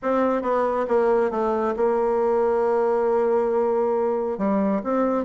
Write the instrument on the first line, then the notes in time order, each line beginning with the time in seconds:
bassoon
0.02 C4
0.42 B3
0.88 A#3
1.30 A3
1.76 A#3
4.37 G3
4.83 C4